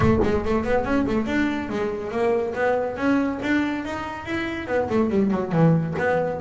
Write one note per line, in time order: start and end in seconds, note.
0.00 0.19 A3
0.23 0.44 G#3
0.44 0.64 A3
0.64 0.85 B3
0.85 1.06 C#4
1.06 1.26 A3
1.26 1.69 D4
1.69 2.11 G#3
2.11 2.53 A#3
2.54 2.96 B3
2.96 3.39 C#4
3.42 3.84 D4
3.84 4.25 D#4
4.25 4.67 E4
4.67 4.88 B3
4.89 5.10 A3
5.10 5.31 G3
5.31 5.52 F#3
5.52 5.94 E3
5.98 6.40 B3